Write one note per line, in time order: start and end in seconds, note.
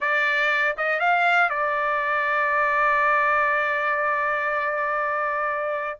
0.00 0.75 D5
0.77 0.99 D#5
0.99 1.49 F5
1.49 5.99 D5